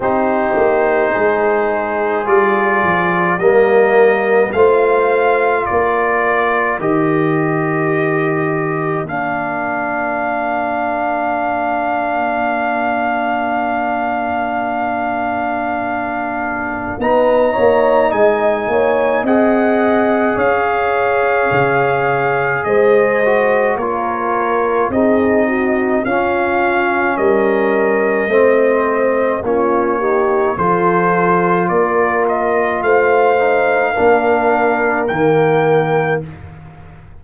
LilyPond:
<<
  \new Staff \with { instrumentName = "trumpet" } { \time 4/4 \tempo 4 = 53 c''2 d''4 dis''4 | f''4 d''4 dis''2 | f''1~ | f''2. ais''4 |
gis''4 fis''4 f''2 | dis''4 cis''4 dis''4 f''4 | dis''2 cis''4 c''4 | d''8 dis''8 f''2 g''4 | }
  \new Staff \with { instrumentName = "horn" } { \time 4/4 g'4 gis'2 ais'4 | c''4 ais'2.~ | ais'1~ | ais'2. b'8 cis''8 |
dis''8 cis''8 dis''4 cis''2 | c''4 ais'4 gis'8 fis'8 f'4 | ais'4 c''4 f'8 g'8 a'4 | ais'4 c''4 ais'2 | }
  \new Staff \with { instrumentName = "trombone" } { \time 4/4 dis'2 f'4 ais4 | f'2 g'2 | d'1~ | d'2. dis'4~ |
dis'4 gis'2.~ | gis'8 fis'8 f'4 dis'4 cis'4~ | cis'4 c'4 cis'8 dis'8 f'4~ | f'4. dis'8 d'4 ais4 | }
  \new Staff \with { instrumentName = "tuba" } { \time 4/4 c'8 ais8 gis4 g8 f8 g4 | a4 ais4 dis2 | ais1~ | ais2. b8 ais8 |
gis8 ais8 c'4 cis'4 cis4 | gis4 ais4 c'4 cis'4 | g4 a4 ais4 f4 | ais4 a4 ais4 dis4 | }
>>